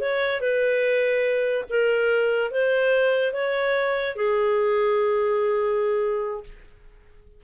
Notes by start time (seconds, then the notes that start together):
0.00 C#5
0.40 B4
1.69 A#4
2.51 C5
3.33 C#5
4.16 G#4